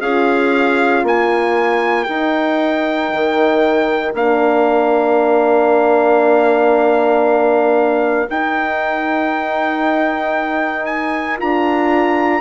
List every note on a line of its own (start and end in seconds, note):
0.00 1.03 C#4
0.00 2.09 F4
0.00 1.03 G#4
0.00 1.04 F5
1.03 2.07 A#3
1.03 12.41 A#4
1.03 2.04 G#5
2.04 3.12 D#4
2.04 4.15 D#4
2.04 4.11 G5
3.13 4.14 D#3
4.14 8.28 A#3
4.14 8.28 D4
4.14 8.30 F5
8.30 11.41 D#4
8.30 11.38 D#4
8.30 10.86 G5
10.86 11.37 G#5
11.38 12.41 D4
11.38 12.41 F4
11.38 12.41 A#5